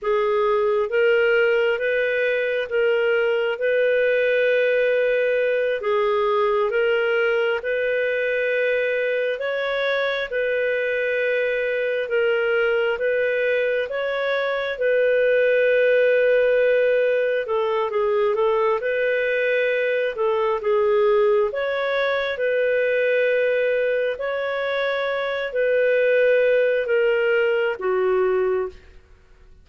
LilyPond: \new Staff \with { instrumentName = "clarinet" } { \time 4/4 \tempo 4 = 67 gis'4 ais'4 b'4 ais'4 | b'2~ b'8 gis'4 ais'8~ | ais'8 b'2 cis''4 b'8~ | b'4. ais'4 b'4 cis''8~ |
cis''8 b'2. a'8 | gis'8 a'8 b'4. a'8 gis'4 | cis''4 b'2 cis''4~ | cis''8 b'4. ais'4 fis'4 | }